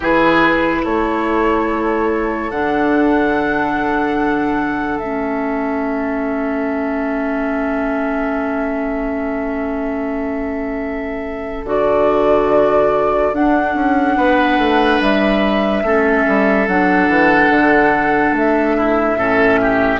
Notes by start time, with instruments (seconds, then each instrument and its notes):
0.00 bassoon E3, clarinet E4, oboe G#4, flute B4
0.83 bassoon A3, oboe A4, flute C#5
2.50 bassoon D3, clarinet D4, flute F#5
4.98 bassoon A3, clarinet C#4, flute E5
11.64 bassoon D3, clarinet F#4, flute D5
13.33 bassoon D4, clarinet D4, flute F#5
13.74 bassoon C#4
14.16 bassoon B3, oboe B4
14.58 bassoon A3
15.00 bassoon G3, flute E5
15.82 bassoon A3, clarinet C#4, oboe A4
16.28 bassoon G3
16.67 bassoon F#3, clarinet D4, flute F#5
17.08 bassoon E3
17.49 bassoon D3
18.31 bassoon A3, flute E5
18.76 oboe E4
19.17 bassoon A2, clarinet C#4, oboe A4
19.61 oboe G4